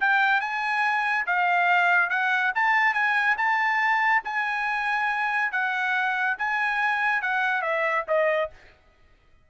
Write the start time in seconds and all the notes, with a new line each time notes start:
0.00 G5
0.40 G#5
1.26 F5
2.10 F#5
2.55 A5
2.94 G#5
3.37 A5
4.24 G#5
5.52 F#5
6.38 G#5
7.22 F#5
7.62 E5
8.08 D#5